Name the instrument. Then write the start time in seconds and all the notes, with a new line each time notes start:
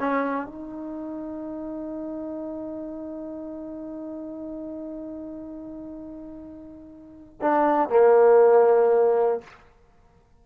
trombone
0.00 C#4
0.47 D#4
7.42 D4
7.90 A#3